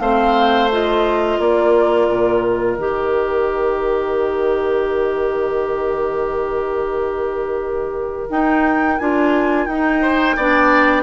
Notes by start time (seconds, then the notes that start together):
0.00 A3 C4 C5 F5
0.71 F4 D#5
1.40 A#3 A#4 D5
2.09 A#2
2.45 D#5
2.78 D#3 G4
8.30 D#4 G5
8.99 D4 F4 G#5
9.66 D#4 G5
10.02 C5
10.37 B3 D4 D5